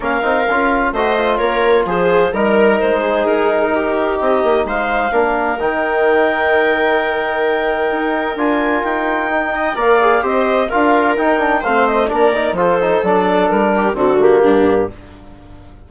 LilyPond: <<
  \new Staff \with { instrumentName = "clarinet" } { \time 4/4 \tempo 4 = 129 f''2 dis''4 cis''4 | c''4 ais'4 c''4 ais'4~ | ais'4 dis''4 f''2 | g''1~ |
g''2 gis''4 g''4~ | g''4 f''4 dis''4 f''4 | g''4 f''8 dis''8 d''4 c''4 | d''4 ais'4 a'8 g'4. | }
  \new Staff \with { instrumentName = "viola" } { \time 4/4 ais'2 c''4 ais'4 | gis'4 ais'4. gis'4. | g'2 c''4 ais'4~ | ais'1~ |
ais'1~ | ais'8 dis''8 d''4 c''4 ais'4~ | ais'4 c''4 ais'4 a'4~ | a'4. g'8 fis'4 d'4 | }
  \new Staff \with { instrumentName = "trombone" } { \time 4/4 cis'8 dis'8 f'4 fis'8 f'4.~ | f'4 dis'2.~ | dis'2. d'4 | dis'1~ |
dis'2 f'2 | dis'4 ais'8 gis'8 g'4 f'4 | dis'8 d'8 c'4 d'8 dis'8 f'8 dis'8 | d'2 c'8 ais4. | }
  \new Staff \with { instrumentName = "bassoon" } { \time 4/4 ais8 c'8 cis'4 a4 ais4 | f4 g4 gis4 dis'4~ | dis'4 c'8 ais8 gis4 ais4 | dis1~ |
dis4 dis'4 d'4 dis'4~ | dis'4 ais4 c'4 d'4 | dis'4 a4 ais4 f4 | fis4 g4 d4 g,4 | }
>>